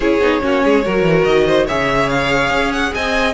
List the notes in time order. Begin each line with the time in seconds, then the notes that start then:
0.00 C#4 E4 G#4 C#5
0.19 B3 D#4
0.40 A#3 C#4 F#4
0.64 G#3 G#4
0.85 F#3 F#4 A#4
1.02 E3
1.23 D#3 D#5
1.46 C5
1.66 C#3 G#4 C#5 E5
2.09 F5
2.49 C#4
2.72 F#5
2.94 C4 D#5 G#5